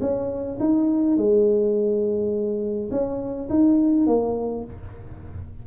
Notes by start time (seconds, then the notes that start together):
0.00 C#4
0.59 D#4
1.16 G#3
2.91 C#4
3.49 D#4
4.06 A#3